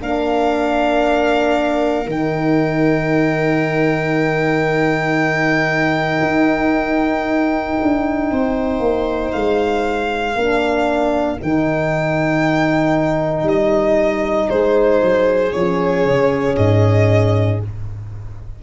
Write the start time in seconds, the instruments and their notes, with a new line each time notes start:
0.00 tuba A#3, horn D4, viola A#4, violin F5
2.06 tuba D#3, horn D#4, violin G5
6.22 tuba D#4
7.82 tuba D4
8.31 tuba C4, viola C5
8.79 tuba A#3
9.31 tuba G#3, violin F5
10.35 tuba A#3, horn D4, viola A#4
11.39 tuba D#3, horn D#4, violin G5
13.43 tuba G3, violin D#5
14.50 tuba G#3, viola G#4, violin C5
15.01 tuba F#3
15.52 tuba F3, horn C#4, violin C#5
16.05 tuba C#3
16.56 tuba G#2, violin D#5